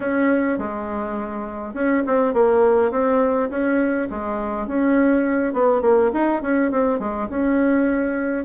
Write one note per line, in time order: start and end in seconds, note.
0.00 0.58 C#4
0.58 1.74 G#3
1.74 2.03 C#4
2.06 2.33 C4
2.33 2.91 A#3
2.91 3.49 C4
3.50 4.08 C#4
4.10 4.67 G#3
4.67 5.53 C#4
5.53 5.81 B3
5.81 6.10 A#3
6.13 6.42 D#4
6.42 6.71 C#4
6.71 6.99 C4
6.99 7.28 G#3
7.29 8.45 C#4